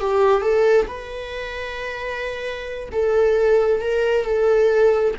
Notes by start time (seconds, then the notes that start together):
0.00 G4
0.42 A4
0.88 B4
2.92 A4
3.81 A#4
4.25 A4